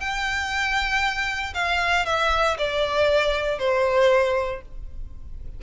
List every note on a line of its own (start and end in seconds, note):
0.00 1.54 G5
1.54 2.06 F5
2.06 2.57 E5
2.58 3.59 D5
3.59 4.62 C5